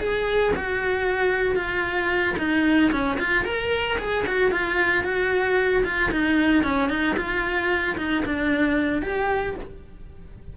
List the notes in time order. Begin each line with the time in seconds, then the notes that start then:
0.00 G#4
0.56 F#4
1.56 F4
2.39 D#4
2.92 C#4
3.20 F4
3.45 A#4
3.99 G#4
4.27 F#4
4.52 F4
5.04 F#4
5.85 F4
6.12 D#4
6.64 C#4
6.90 D#4
7.18 F4
7.98 D#4
8.26 D4
9.03 G4